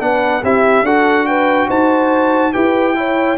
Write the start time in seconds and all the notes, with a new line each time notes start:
0.00 B3 D4 B4 F#5
0.43 C4 E4 G4 E5
0.83 D4 F#4 A4 F#5
1.27 B4 G5
1.67 D#4 C5 A5
2.53 E4 G4 B4 G5
2.96 E4 C#5